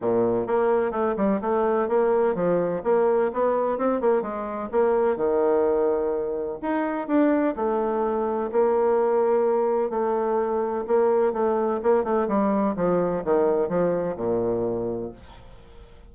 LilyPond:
\new Staff \with { instrumentName = "bassoon" } { \time 4/4 \tempo 4 = 127 ais,4 ais4 a8 g8 a4 | ais4 f4 ais4 b4 | c'8 ais8 gis4 ais4 dis4~ | dis2 dis'4 d'4 |
a2 ais2~ | ais4 a2 ais4 | a4 ais8 a8 g4 f4 | dis4 f4 ais,2 | }